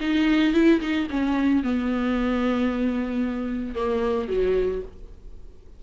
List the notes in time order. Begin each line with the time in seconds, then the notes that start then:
0.00 D#4
0.54 E4
0.81 D#4
1.10 C#4
1.63 B3
3.74 A#3
4.28 F#3